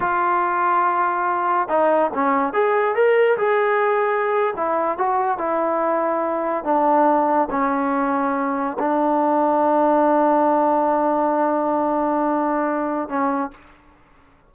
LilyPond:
\new Staff \with { instrumentName = "trombone" } { \time 4/4 \tempo 4 = 142 f'1 | dis'4 cis'4 gis'4 ais'4 | gis'2~ gis'8. e'4 fis'16~ | fis'8. e'2. d'16~ |
d'4.~ d'16 cis'2~ cis'16~ | cis'8. d'2.~ d'16~ | d'1~ | d'2. cis'4 | }